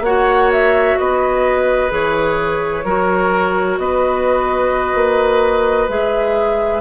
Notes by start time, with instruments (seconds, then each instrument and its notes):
0.00 bassoon A#3, clarinet F#4, oboe C#5, flute F#5
0.52 flute E5
0.98 bassoon B3, oboe B4, flute D#5
1.89 bassoon E3, clarinet G#4, flute C#5
2.84 bassoon F#3, clarinet F#4, oboe A#4
3.77 bassoon B3, oboe B4, flute D#5
4.94 bassoon A#3
5.88 bassoon G#3, clarinet G#4, flute E5